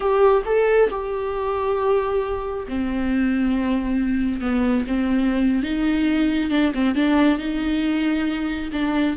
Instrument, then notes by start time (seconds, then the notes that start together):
viola
0.00 G4
0.45 A4
0.90 G4
2.68 C4
4.40 B3
4.87 C4
5.62 D#4
6.50 D4
6.74 C4
6.95 D4
7.38 D#4
8.72 D4